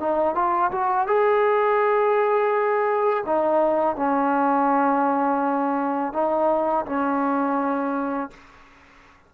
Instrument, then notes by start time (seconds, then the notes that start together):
trombone
0.00 D#4
0.35 F4
0.71 F#4
1.07 G#4
3.26 D#4
3.96 C#4
6.13 D#4
6.86 C#4